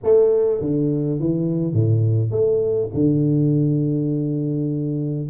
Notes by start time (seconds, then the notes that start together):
0.03 A3
0.60 D3
1.19 E3
1.73 A2
2.30 A3
2.94 D3